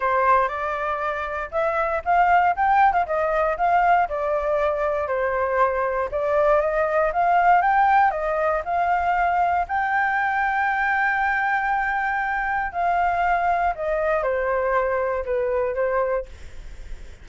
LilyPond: \new Staff \with { instrumentName = "flute" } { \time 4/4 \tempo 4 = 118 c''4 d''2 e''4 | f''4 g''8. f''16 dis''4 f''4 | d''2 c''2 | d''4 dis''4 f''4 g''4 |
dis''4 f''2 g''4~ | g''1~ | g''4 f''2 dis''4 | c''2 b'4 c''4 | }